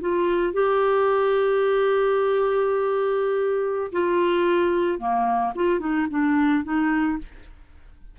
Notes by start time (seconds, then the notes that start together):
0.00 F4
0.53 G4
3.91 F4
4.99 A#3
5.55 F4
5.79 D#4
6.10 D4
6.63 D#4